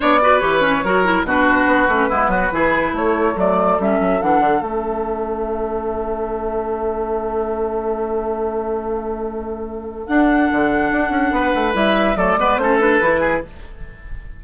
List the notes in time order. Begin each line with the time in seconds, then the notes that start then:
0.00 B3 D4 C#5 D5
0.21 F#4 B4
0.39 E3 G4 C#5
0.61 C#4
0.83 F#3 F#4 A#4
1.04 E4
1.23 B2 D4 F#4 B4
1.66 B3
1.87 A3 C#4
2.09 G#3 B3 E4
2.27 F#3 F#4
2.51 E3 E4 G#4
2.93 A3 A4 C#5
3.35 F#3 A3 D5
3.78 G3 C#4 E5
4.00 F#3
4.21 E3 D4 F#5
4.39 D3
4.61 A3 C#4 E5
10.06 D4 F#5
10.51 D3
10.91 D4
11.09 C#4
11.31 B3 B4
11.54 A3
11.73 G3 E4 E5
12.16 F#3 A3 A4 D5
12.36 G#3 B3 B4
12.57 A3 C#4 A4 C5
12.80 D4 B4
13.00 E3 E4
13.20 G#4